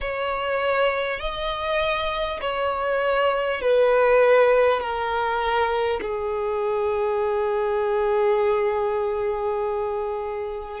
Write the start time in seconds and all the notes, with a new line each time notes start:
0.00 C#5
1.19 D#5
2.41 C#5
3.61 B4
4.80 A#4
6.01 G#4